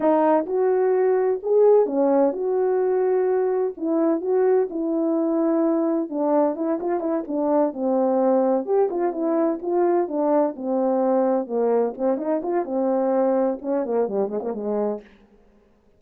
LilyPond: \new Staff \with { instrumentName = "horn" } { \time 4/4 \tempo 4 = 128 dis'4 fis'2 gis'4 | cis'4 fis'2. | e'4 fis'4 e'2~ | e'4 d'4 e'8 f'8 e'8 d'8~ |
d'8 c'2 g'8 f'8 e'8~ | e'8 f'4 d'4 c'4.~ | c'8 ais4 c'8 dis'8 f'8 c'4~ | c'4 cis'8 ais8 g8 gis16 ais16 gis4 | }